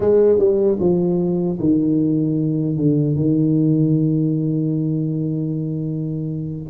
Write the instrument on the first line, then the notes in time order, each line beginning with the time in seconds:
tuba
0.00 G#3
0.38 G3
0.79 F3
1.59 D#3
2.76 D3
3.16 D#3